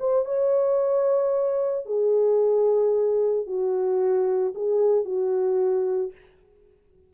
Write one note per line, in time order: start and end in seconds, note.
0.00 0.25 C5
0.25 1.86 C#5
1.86 3.47 G#4
3.47 4.54 F#4
4.55 5.05 G#4
5.05 6.12 F#4